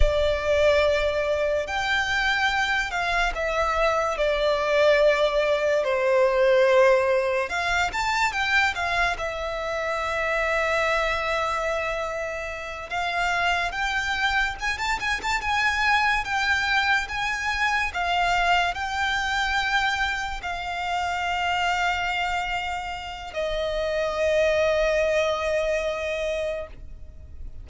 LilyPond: \new Staff \with { instrumentName = "violin" } { \time 4/4 \tempo 4 = 72 d''2 g''4. f''8 | e''4 d''2 c''4~ | c''4 f''8 a''8 g''8 f''8 e''4~ | e''2.~ e''8 f''8~ |
f''8 g''4 gis''16 a''16 gis''16 a''16 gis''4 g''8~ | g''8 gis''4 f''4 g''4.~ | g''8 f''2.~ f''8 | dis''1 | }